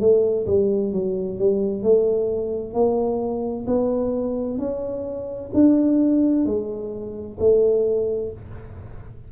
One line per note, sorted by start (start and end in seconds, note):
0.00 0.46 A3
0.47 0.93 G3
0.93 1.39 F#3
1.39 1.83 G3
1.83 2.74 A3
2.74 3.66 A#3
3.67 4.59 B3
4.59 5.51 C#4
5.54 6.46 D4
6.46 7.38 G#3
7.40 8.32 A3